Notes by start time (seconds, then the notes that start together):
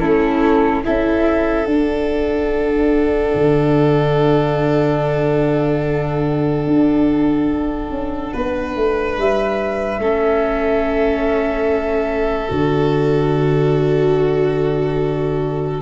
0.00 A3 C#4 E4 A4
0.84 C#4 E4 A4 E5
1.65 D4 F#5
3.35 D3
6.67 D4
7.91 C#4
8.34 B3 B4
8.76 A3
9.18 G3 E5
9.99 A3 C#4 A4
12.49 D3 F#4 D5